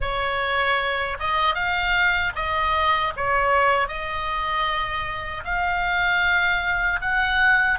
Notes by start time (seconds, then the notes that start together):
0.00 C#5
1.19 D#5
1.54 F5
2.35 D#5
3.16 C#5
3.87 D#5
5.44 F5
7.01 F#5